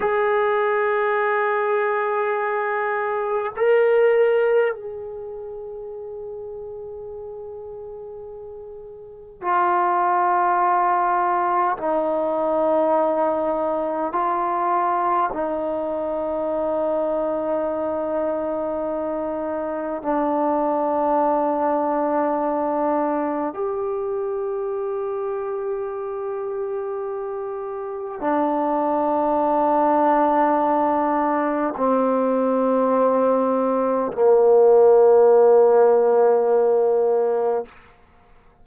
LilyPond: \new Staff \with { instrumentName = "trombone" } { \time 4/4 \tempo 4 = 51 gis'2. ais'4 | gis'1 | f'2 dis'2 | f'4 dis'2.~ |
dis'4 d'2. | g'1 | d'2. c'4~ | c'4 ais2. | }